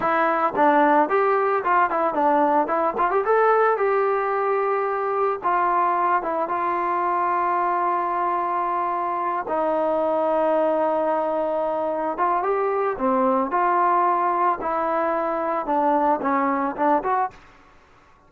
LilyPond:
\new Staff \with { instrumentName = "trombone" } { \time 4/4 \tempo 4 = 111 e'4 d'4 g'4 f'8 e'8 | d'4 e'8 f'16 g'16 a'4 g'4~ | g'2 f'4. e'8 | f'1~ |
f'4. dis'2~ dis'8~ | dis'2~ dis'8 f'8 g'4 | c'4 f'2 e'4~ | e'4 d'4 cis'4 d'8 fis'8 | }